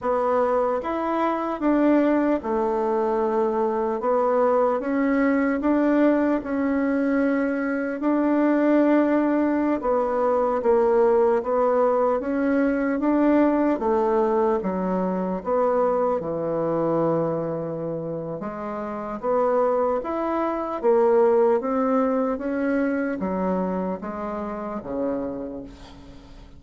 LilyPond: \new Staff \with { instrumentName = "bassoon" } { \time 4/4 \tempo 4 = 75 b4 e'4 d'4 a4~ | a4 b4 cis'4 d'4 | cis'2 d'2~ | d'16 b4 ais4 b4 cis'8.~ |
cis'16 d'4 a4 fis4 b8.~ | b16 e2~ e8. gis4 | b4 e'4 ais4 c'4 | cis'4 fis4 gis4 cis4 | }